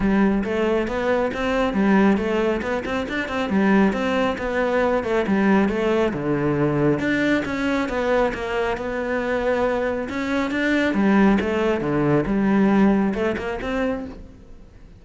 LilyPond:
\new Staff \with { instrumentName = "cello" } { \time 4/4 \tempo 4 = 137 g4 a4 b4 c'4 | g4 a4 b8 c'8 d'8 c'8 | g4 c'4 b4. a8 | g4 a4 d2 |
d'4 cis'4 b4 ais4 | b2. cis'4 | d'4 g4 a4 d4 | g2 a8 ais8 c'4 | }